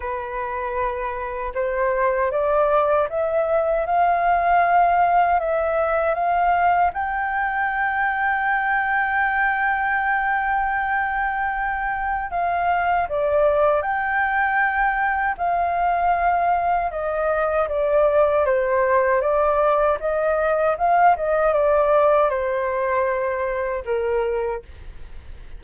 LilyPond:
\new Staff \with { instrumentName = "flute" } { \time 4/4 \tempo 4 = 78 b'2 c''4 d''4 | e''4 f''2 e''4 | f''4 g''2.~ | g''1 |
f''4 d''4 g''2 | f''2 dis''4 d''4 | c''4 d''4 dis''4 f''8 dis''8 | d''4 c''2 ais'4 | }